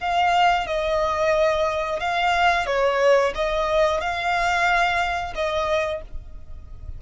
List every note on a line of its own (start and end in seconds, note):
0.00 0.66 F5
0.66 1.99 D#5
1.99 2.66 F5
2.66 3.32 C#5
3.35 4.00 D#5
4.00 5.33 F5
5.35 6.02 D#5